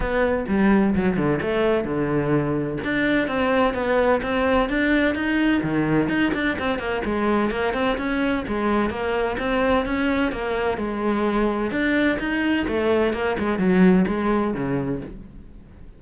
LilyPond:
\new Staff \with { instrumentName = "cello" } { \time 4/4 \tempo 4 = 128 b4 g4 fis8 d8 a4 | d2 d'4 c'4 | b4 c'4 d'4 dis'4 | dis4 dis'8 d'8 c'8 ais8 gis4 |
ais8 c'8 cis'4 gis4 ais4 | c'4 cis'4 ais4 gis4~ | gis4 d'4 dis'4 a4 | ais8 gis8 fis4 gis4 cis4 | }